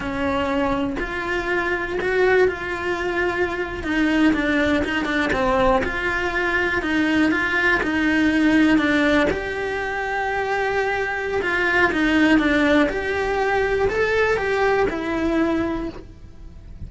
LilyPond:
\new Staff \with { instrumentName = "cello" } { \time 4/4 \tempo 4 = 121 cis'2 f'2 | fis'4 f'2~ f'8. dis'16~ | dis'8. d'4 dis'8 d'8 c'4 f'16~ | f'4.~ f'16 dis'4 f'4 dis'16~ |
dis'4.~ dis'16 d'4 g'4~ g'16~ | g'2. f'4 | dis'4 d'4 g'2 | a'4 g'4 e'2 | }